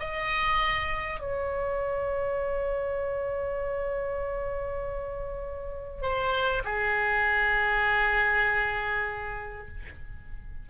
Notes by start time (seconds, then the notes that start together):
0.00 D#5
1.20 C#5
6.02 C5
6.65 G#4